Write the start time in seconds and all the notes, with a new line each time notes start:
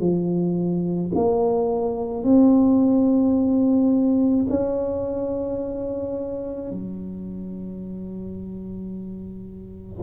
0.00 F3
1.15 A#3
2.23 C4
4.49 C#4
6.70 F#3